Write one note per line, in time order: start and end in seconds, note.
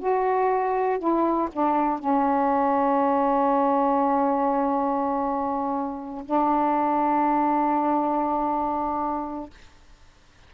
0.00 0.99 F#4
0.99 1.49 E4
1.53 1.99 D4
1.99 6.24 C#4
6.25 9.50 D4